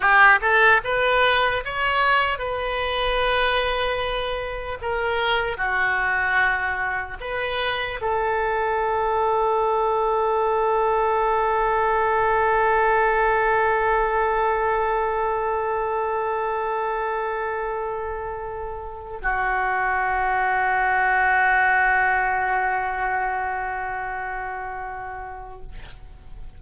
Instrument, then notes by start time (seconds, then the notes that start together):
oboe
0.00 G4
0.41 A4
0.84 B4
1.64 C#5
2.38 B4
4.81 A#4
5.57 F#4
7.20 B4
8.01 A4
19.22 F#4